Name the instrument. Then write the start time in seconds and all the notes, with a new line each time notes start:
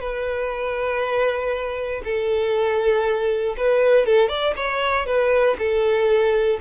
violin
0.00 B4
2.04 A4
3.57 B4
4.05 A4
4.28 D5
4.56 C#5
5.06 B4
5.58 A4